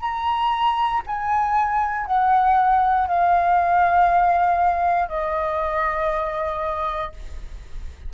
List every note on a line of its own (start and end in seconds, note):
0.00 1.02 A#5
1.06 2.06 G#5
2.06 3.07 F#5
3.07 5.08 F5
5.08 7.12 D#5